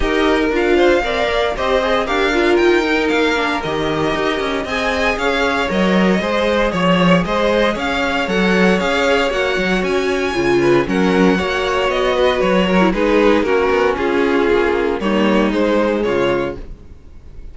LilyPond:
<<
  \new Staff \with { instrumentName = "violin" } { \time 4/4 \tempo 4 = 116 dis''4 f''2 dis''4 | f''4 g''4 f''4 dis''4~ | dis''4 gis''4 f''4 dis''4~ | dis''4 cis''4 dis''4 f''4 |
fis''4 f''4 fis''4 gis''4~ | gis''4 fis''2 dis''4 | cis''4 b'4 ais'4 gis'4~ | gis'4 cis''4 c''4 cis''4 | }
  \new Staff \with { instrumentName = "violin" } { \time 4/4 ais'4. c''8 d''4 c''4 | ais'1~ | ais'4 dis''4 cis''2 | c''4 cis''4 c''4 cis''4~ |
cis''1~ | cis''8 b'8 ais'4 cis''4. b'8~ | b'8 ais'8 gis'4 fis'4 f'4~ | f'4 dis'2 f'4 | }
  \new Staff \with { instrumentName = "viola" } { \time 4/4 g'4 f'4 ais'4 g'8 gis'8 | g'8 f'4 dis'4 d'8 g'4~ | g'4 gis'2 ais'4 | gis'1 |
a'4 gis'4 fis'2 | f'4 cis'4 fis'2~ | fis'8. e'16 dis'4 cis'2~ | cis'4 ais4 gis2 | }
  \new Staff \with { instrumentName = "cello" } { \time 4/4 dis'4 d'4 c'8 ais8 c'4 | d'4 dis'4 ais4 dis4 | dis'8 cis'8 c'4 cis'4 fis4 | gis4 f4 gis4 cis'4 |
fis4 cis'4 ais8 fis8 cis'4 | cis4 fis4 ais4 b4 | fis4 gis4 ais8 b8 cis'4 | ais4 g4 gis4 cis4 | }
>>